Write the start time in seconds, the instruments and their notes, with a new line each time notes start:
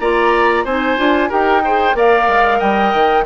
0.00 bassoon A#3, clarinet F4, oboe D5, flute A#5
0.65 bassoon C4, clarinet D#4, oboe C5, flute G#5
0.98 bassoon D4, clarinet F4
1.30 bassoon D#4, clarinet G4, oboe A#4, flute G5
1.65 clarinet G#4, oboe C5
1.94 bassoon A#3, clarinet A#4, oboe D5, flute F5
2.28 bassoon G#3
2.59 bassoon G3, oboe D#5, flute G5
2.94 bassoon D#3